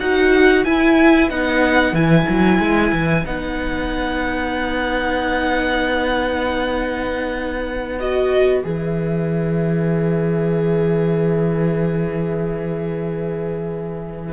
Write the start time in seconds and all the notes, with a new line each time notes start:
0.00 D#4 F#4 B4 F#5
0.65 E4 G#5
1.30 B3 D#4 F#5
1.93 E3 E4 G#5
2.29 F#3
2.59 G#3
2.92 E3
3.26 B3 D#4 F#5
8.00 F#4 D#5
8.63 E3 G#4 E5